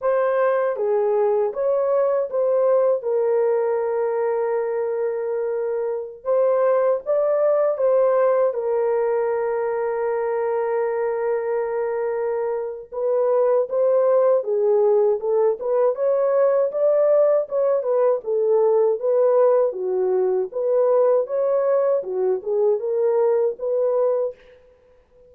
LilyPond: \new Staff \with { instrumentName = "horn" } { \time 4/4 \tempo 4 = 79 c''4 gis'4 cis''4 c''4 | ais'1~ | ais'16 c''4 d''4 c''4 ais'8.~ | ais'1~ |
ais'4 b'4 c''4 gis'4 | a'8 b'8 cis''4 d''4 cis''8 b'8 | a'4 b'4 fis'4 b'4 | cis''4 fis'8 gis'8 ais'4 b'4 | }